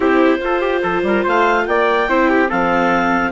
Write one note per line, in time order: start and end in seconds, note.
0.00 0.38 C4
0.00 0.38 E4
0.00 0.40 G4
0.00 1.27 C5
0.38 2.05 F4
0.38 0.81 F4
0.38 0.60 A4
0.60 0.81 G4
0.82 1.02 F3
0.82 1.03 A4
1.02 1.23 G3
1.02 1.23 A#4
1.23 1.67 A3
1.23 1.65 C5
1.23 1.66 F5
1.66 2.08 A#3
1.66 2.09 D5
1.66 2.49 G5
2.08 2.49 C4
2.08 2.48 E4
2.08 2.29 C5
2.29 2.49 G4
2.48 3.32 F3
2.48 3.32 C4
2.48 3.32 A4
2.48 3.32 F5